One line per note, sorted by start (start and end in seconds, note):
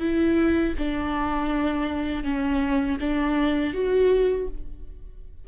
0.00 0.74 E4
0.78 2.24 D4
2.24 2.98 C#4
3.00 3.74 D4
3.74 4.48 F#4